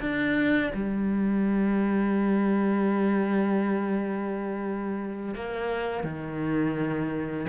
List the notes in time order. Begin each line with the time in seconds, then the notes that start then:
0.00 D4
0.74 G3
5.34 A#3
6.04 D#3